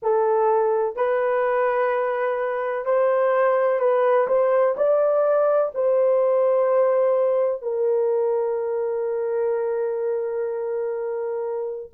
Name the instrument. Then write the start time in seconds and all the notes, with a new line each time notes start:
horn
0.02 A4
0.96 B4
2.85 C5
3.79 B4
4.27 C5
4.76 D5
5.74 C5
7.62 A#4